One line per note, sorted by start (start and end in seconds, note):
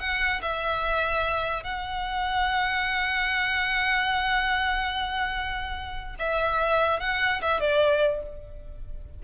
0.00 0.41 F#5
0.42 1.63 E5
1.63 6.16 F#5
6.19 7.00 E5
7.00 7.41 F#5
7.42 7.61 E5
7.61 8.22 D5